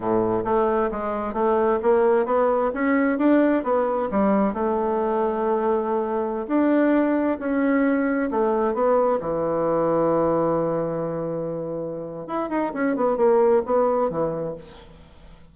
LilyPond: \new Staff \with { instrumentName = "bassoon" } { \time 4/4 \tempo 4 = 132 a,4 a4 gis4 a4 | ais4 b4 cis'4 d'4 | b4 g4 a2~ | a2~ a16 d'4.~ d'16~ |
d'16 cis'2 a4 b8.~ | b16 e2.~ e8.~ | e2. e'8 dis'8 | cis'8 b8 ais4 b4 e4 | }